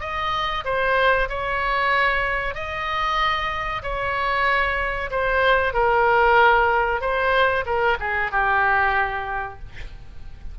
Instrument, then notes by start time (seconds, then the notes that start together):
oboe
0.00 D#5
0.64 C5
1.29 C#5
2.54 D#5
3.82 C#5
5.11 C5
5.73 A#4
7.01 C5
7.65 A#4
8.00 G#4
8.31 G4